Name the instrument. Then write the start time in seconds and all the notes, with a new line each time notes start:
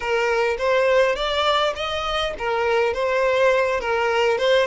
violin
0.00 A#4
0.58 C5
1.15 D5
1.75 D#5
2.38 A#4
2.93 C5
3.80 A#4
4.37 C5